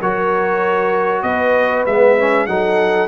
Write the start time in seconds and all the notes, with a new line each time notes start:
0.00 F#3 F#4 A#4 C#5
1.22 B3 B4 D#5
1.86 G#3 B3 E5
2.18 C#4
2.46 F#3 D#4 A4 F#5